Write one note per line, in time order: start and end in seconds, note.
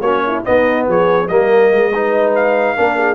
0.00 0.42 A#3
0.00 0.44 C#4
0.00 0.22 F#4
0.00 0.42 C#5
0.26 0.45 E4
0.44 1.28 B3
0.44 0.87 B3
0.44 0.87 D#4
0.44 0.86 D#5
0.87 1.29 F3
0.87 1.29 G#4
0.87 1.28 C#5
1.28 1.72 G3
1.28 1.92 A#3
1.28 1.92 A#4
1.28 2.32 D#5
1.72 2.77 G#3
1.92 2.76 D#4
1.92 2.76 B4
2.35 3.14 F5
2.76 3.14 A#3
2.76 3.14 D4
2.76 2.96 A#4
2.96 3.14 G#4